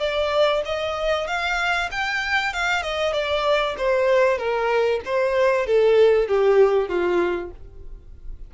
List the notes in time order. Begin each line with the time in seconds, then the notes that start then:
0.00 D5
0.65 D#5
1.28 F5
1.91 G5
2.53 F5
2.83 D#5
3.13 D5
3.78 C5
4.38 A#4
5.05 C5
5.67 A4
6.29 G4
6.89 F4